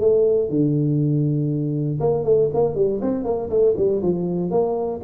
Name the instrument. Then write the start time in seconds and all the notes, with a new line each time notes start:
tuba
0.00 A3
0.49 D3
2.00 A#3
2.24 A3
2.54 A#3
2.75 G3
3.01 C4
3.24 A#3
3.50 A3
3.77 G3
4.02 F3
4.51 A#3